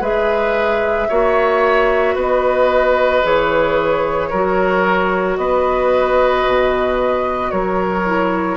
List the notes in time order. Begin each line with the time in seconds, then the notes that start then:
0.00 G#3 G#4 B4 E5
1.08 A#3 F#4 C#5
2.15 B3 B4 D#5
3.23 E3 G#4 C#5
4.30 F#3 F#4 A#4
5.37 B3 B4 D#5
6.46 B2
7.50 F#3 A#4 C#5
8.06 E4